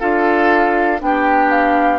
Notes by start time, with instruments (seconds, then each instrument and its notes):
0.00 bassoon D4, clarinet F4, oboe A4, flute F5
0.99 bassoon B3, clarinet D4, flute G5
1.06 oboe G4
1.51 flute F5